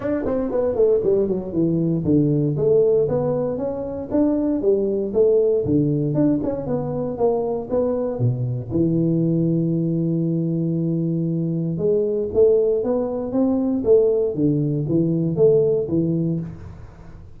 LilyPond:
\new Staff \with { instrumentName = "tuba" } { \time 4/4 \tempo 4 = 117 d'8 c'8 b8 a8 g8 fis8 e4 | d4 a4 b4 cis'4 | d'4 g4 a4 d4 | d'8 cis'8 b4 ais4 b4 |
b,4 e2.~ | e2. gis4 | a4 b4 c'4 a4 | d4 e4 a4 e4 | }